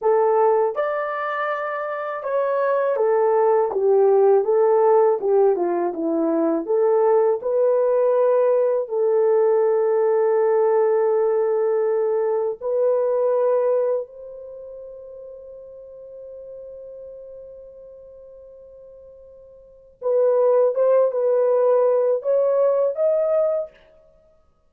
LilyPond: \new Staff \with { instrumentName = "horn" } { \time 4/4 \tempo 4 = 81 a'4 d''2 cis''4 | a'4 g'4 a'4 g'8 f'8 | e'4 a'4 b'2 | a'1~ |
a'4 b'2 c''4~ | c''1~ | c''2. b'4 | c''8 b'4. cis''4 dis''4 | }